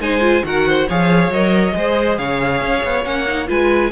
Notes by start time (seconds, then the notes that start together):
0.00 G#3 D#4 C5 G#5
0.21 F4
0.44 D#3 F#4 A#4 F#5
0.69 C5
0.88 F3 G#4 C#5 F5
1.30 F#3 A#4 D#5
1.72 G#3 G#4 C5
2.18 C#3 C#5 F5
2.62 C#4
2.85 B3
3.05 A#3 C#4 F#5
3.28 D#4
3.47 G#3 F4 B4 G#5